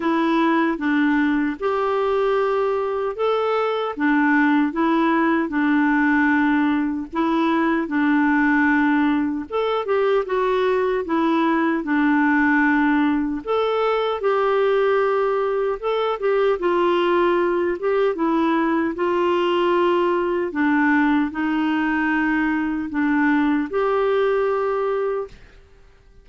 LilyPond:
\new Staff \with { instrumentName = "clarinet" } { \time 4/4 \tempo 4 = 76 e'4 d'4 g'2 | a'4 d'4 e'4 d'4~ | d'4 e'4 d'2 | a'8 g'8 fis'4 e'4 d'4~ |
d'4 a'4 g'2 | a'8 g'8 f'4. g'8 e'4 | f'2 d'4 dis'4~ | dis'4 d'4 g'2 | }